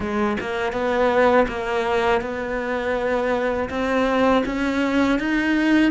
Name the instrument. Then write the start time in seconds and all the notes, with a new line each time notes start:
cello
0.00 G#3
0.40 A#3
0.72 B3
1.47 A#3
2.21 B3
3.69 C4
4.45 C#4
5.19 D#4